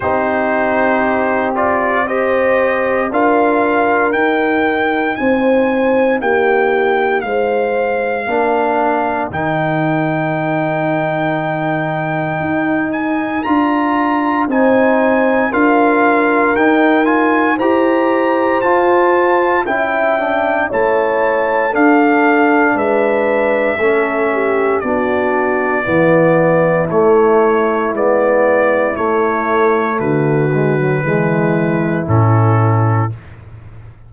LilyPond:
<<
  \new Staff \with { instrumentName = "trumpet" } { \time 4/4 \tempo 4 = 58 c''4. d''8 dis''4 f''4 | g''4 gis''4 g''4 f''4~ | f''4 g''2.~ | g''8 gis''8 ais''4 gis''4 f''4 |
g''8 gis''8 ais''4 a''4 g''4 | a''4 f''4 e''2 | d''2 cis''4 d''4 | cis''4 b'2 a'4 | }
  \new Staff \with { instrumentName = "horn" } { \time 4/4 g'2 c''4 ais'4~ | ais'4 c''4 g'4 c''4 | ais'1~ | ais'2 c''4 ais'4~ |
ais'4 c''2 e''4 | cis''4 a'4 b'4 a'8 g'8 | fis'4 e'2.~ | e'4 fis'4 e'2 | }
  \new Staff \with { instrumentName = "trombone" } { \time 4/4 dis'4. f'8 g'4 f'4 | dis'1 | d'4 dis'2.~ | dis'4 f'4 dis'4 f'4 |
dis'8 f'8 g'4 f'4 e'8 d'8 | e'4 d'2 cis'4 | d'4 b4 a4 b4 | a4. gis16 fis16 gis4 cis'4 | }
  \new Staff \with { instrumentName = "tuba" } { \time 4/4 c'2. d'4 | dis'4 c'4 ais4 gis4 | ais4 dis2. | dis'4 d'4 c'4 d'4 |
dis'4 e'4 f'4 cis'4 | a4 d'4 gis4 a4 | b4 e4 a4 gis4 | a4 d4 e4 a,4 | }
>>